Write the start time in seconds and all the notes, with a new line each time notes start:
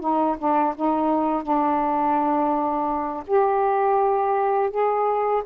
0.00 D#4
0.38 D4
0.76 D#4
1.43 D4
3.27 G4
4.70 G#4